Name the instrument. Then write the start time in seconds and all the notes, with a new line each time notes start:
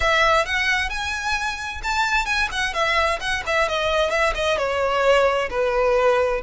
violin
0.00 E5
0.45 F#5
0.89 G#5
1.83 A5
2.25 G#5
2.51 F#5
2.73 E5
3.20 F#5
3.46 E5
3.68 D#5
4.10 E5
4.34 D#5
4.57 C#5
5.49 B4